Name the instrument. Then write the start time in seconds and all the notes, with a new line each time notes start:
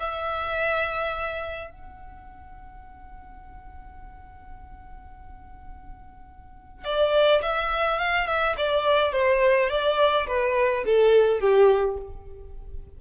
violin
0.00 E5
1.71 F#5
6.85 D5
7.42 E5
7.99 F5
8.28 E5
8.58 D5
9.13 C5
9.70 D5
10.28 B4
10.85 A4
11.41 G4